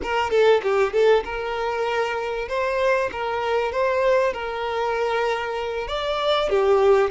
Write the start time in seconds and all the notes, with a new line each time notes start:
0.02 A#4
0.30 A4
0.62 G4
0.92 A4
1.24 A#4
2.48 C5
3.12 A#4
3.71 C5
4.33 A#4
5.87 D5
6.49 G4